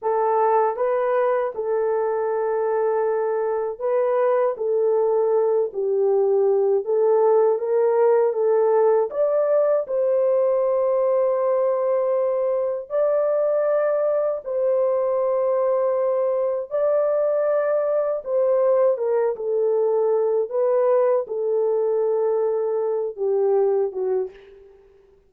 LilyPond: \new Staff \with { instrumentName = "horn" } { \time 4/4 \tempo 4 = 79 a'4 b'4 a'2~ | a'4 b'4 a'4. g'8~ | g'4 a'4 ais'4 a'4 | d''4 c''2.~ |
c''4 d''2 c''4~ | c''2 d''2 | c''4 ais'8 a'4. b'4 | a'2~ a'8 g'4 fis'8 | }